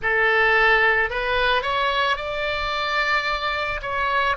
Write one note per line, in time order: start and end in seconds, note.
0.02 1.10 A4
1.10 1.62 B4
1.62 2.16 C#5
2.16 3.80 D5
3.82 4.36 C#5